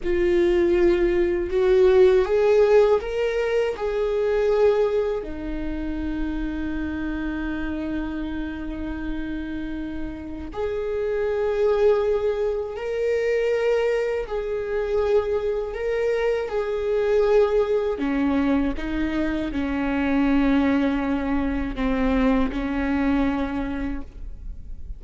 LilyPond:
\new Staff \with { instrumentName = "viola" } { \time 4/4 \tempo 4 = 80 f'2 fis'4 gis'4 | ais'4 gis'2 dis'4~ | dis'1~ | dis'2 gis'2~ |
gis'4 ais'2 gis'4~ | gis'4 ais'4 gis'2 | cis'4 dis'4 cis'2~ | cis'4 c'4 cis'2 | }